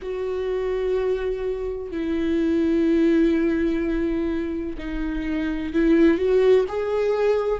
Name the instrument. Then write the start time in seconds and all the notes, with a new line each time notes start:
viola
0.02 F#4
1.90 E4
4.78 D#4
5.73 E4
6.17 F#4
6.68 G#4